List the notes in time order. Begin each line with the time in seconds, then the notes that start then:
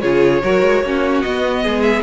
0.00 C#3 F4 G#4 C#5
0.43 F#3 F#4 A#4
0.62 G#3
0.82 A#3 C#4 F#4
1.22 B3 D#5
1.63 G#3 G#4
1.82 E5